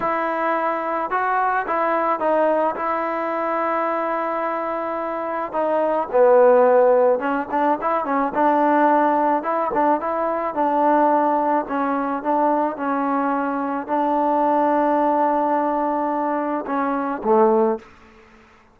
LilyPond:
\new Staff \with { instrumentName = "trombone" } { \time 4/4 \tempo 4 = 108 e'2 fis'4 e'4 | dis'4 e'2.~ | e'2 dis'4 b4~ | b4 cis'8 d'8 e'8 cis'8 d'4~ |
d'4 e'8 d'8 e'4 d'4~ | d'4 cis'4 d'4 cis'4~ | cis'4 d'2.~ | d'2 cis'4 a4 | }